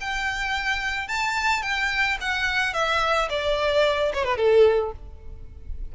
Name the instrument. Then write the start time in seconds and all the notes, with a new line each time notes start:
violin
0.00 G5
1.08 A5
1.62 G5
2.21 F#5
2.73 E5
3.30 D5
4.13 C#5
4.24 B4
4.37 A4